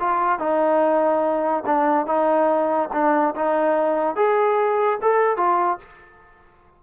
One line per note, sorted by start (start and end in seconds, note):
0.00 0.39 F4
0.39 1.64 D#4
1.66 2.06 D4
2.06 2.90 D#4
2.93 3.35 D4
3.35 4.16 D#4
4.16 4.99 G#4
5.02 5.37 A4
5.37 5.79 F4